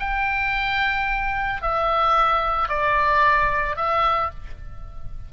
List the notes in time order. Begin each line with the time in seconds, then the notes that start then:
0.00 G5
1.62 E5
2.69 D5
3.76 E5